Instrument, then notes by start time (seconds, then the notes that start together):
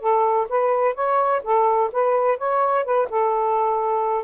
saxophone
0.00 A4
0.49 B4
0.94 C#5
1.43 A4
1.92 B4
2.38 C#5
2.85 B4
3.10 A4